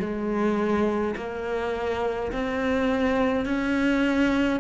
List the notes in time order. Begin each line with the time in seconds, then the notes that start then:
0.00 G#3
1.16 A#3
2.32 C4
3.46 C#4